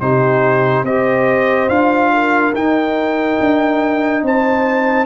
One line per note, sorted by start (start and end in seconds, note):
0.00 0.83 C3
0.00 0.86 D#4
0.00 0.84 G4
0.00 0.85 C5
0.83 1.68 C4
0.83 1.69 G4
0.83 2.11 C5
0.83 1.69 D#5
1.68 2.53 D4
1.68 2.54 F4
1.68 2.53 F5
2.14 4.24 A#4
2.54 3.39 D#4
2.54 5.06 D#4
2.54 4.24 G5
3.40 4.23 D4
4.23 5.06 C4
4.23 5.06 C5
4.23 5.06 A5